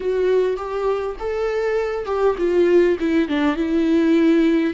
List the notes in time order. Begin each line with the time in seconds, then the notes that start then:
0.00 F#4
0.56 G4
1.19 A4
2.05 G4
2.38 F4
2.99 E4
3.28 D4
3.56 E4